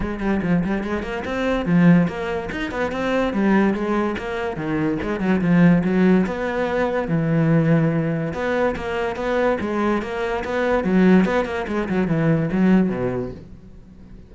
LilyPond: \new Staff \with { instrumentName = "cello" } { \time 4/4 \tempo 4 = 144 gis8 g8 f8 g8 gis8 ais8 c'4 | f4 ais4 dis'8 b8 c'4 | g4 gis4 ais4 dis4 | gis8 fis8 f4 fis4 b4~ |
b4 e2. | b4 ais4 b4 gis4 | ais4 b4 fis4 b8 ais8 | gis8 fis8 e4 fis4 b,4 | }